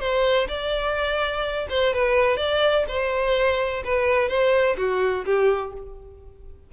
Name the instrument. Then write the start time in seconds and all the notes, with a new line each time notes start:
violin
0.00 C5
0.48 D5
1.69 C5
1.94 B4
2.37 D5
2.88 C5
3.84 B4
4.29 C5
4.77 F#4
5.25 G4